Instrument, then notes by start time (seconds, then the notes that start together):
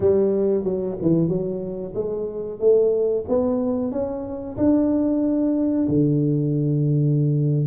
tuba
0.00 G3
0.63 F#3
1.01 E3
1.28 F#3
1.94 G#3
2.59 A3
3.28 B3
3.91 C#4
4.57 D4
5.88 D3